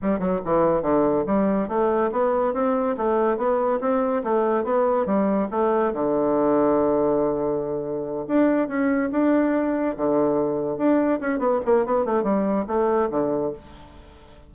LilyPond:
\new Staff \with { instrumentName = "bassoon" } { \time 4/4 \tempo 4 = 142 g8 fis8 e4 d4 g4 | a4 b4 c'4 a4 | b4 c'4 a4 b4 | g4 a4 d2~ |
d2.~ d8 d'8~ | d'8 cis'4 d'2 d8~ | d4. d'4 cis'8 b8 ais8 | b8 a8 g4 a4 d4 | }